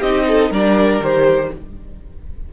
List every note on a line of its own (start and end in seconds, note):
0.00 0.50 C4
0.00 0.52 D#4
0.00 0.25 G4
0.00 0.52 D#5
0.27 0.50 A4
0.50 1.00 G3
0.50 1.02 D4
0.50 1.50 A#4
0.50 1.03 D5
1.00 1.50 D#3
1.00 1.52 G4
1.00 1.53 C5